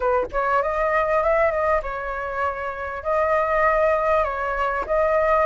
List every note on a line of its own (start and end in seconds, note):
0.00 0.26 B4
0.32 0.62 C#5
0.62 1.23 D#5
1.23 1.51 E5
1.51 1.81 D#5
1.82 3.03 C#5
3.03 4.24 D#5
4.24 4.84 C#5
4.86 5.45 D#5